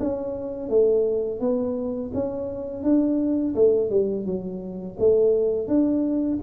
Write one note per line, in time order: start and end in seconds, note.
0.00 0.70 C#4
0.70 1.40 A3
1.40 2.12 B3
2.15 2.84 C#4
2.84 3.55 D4
3.56 3.90 A3
3.90 4.26 G3
4.26 4.97 F#3
4.99 5.68 A3
5.68 6.39 D4